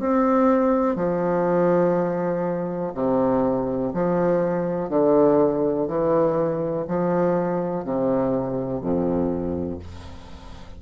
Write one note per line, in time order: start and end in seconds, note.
0.00 0.96 C4
0.96 2.93 F3
2.95 3.93 C3
3.94 4.90 F3
4.90 5.88 D3
5.88 6.86 E3
6.88 7.85 F3
7.85 8.81 C3
8.81 9.80 F2